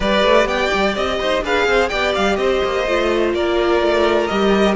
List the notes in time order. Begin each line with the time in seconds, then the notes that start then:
0.00 G3 G4 B4 D5
0.23 A3
0.45 B3 D5 G5
0.73 G3
0.96 C4 D#5
1.20 D#4 C5
1.42 D4 G#4 B4 F5
1.66 C4 C5
1.88 B3 G4 D5 G5
2.14 G3 F5
2.36 C4 C5 D#5
2.63 A#3
2.87 A3 F4
3.33 A#3 A#4 D5
3.81 A3
4.27 G3 G4 D#5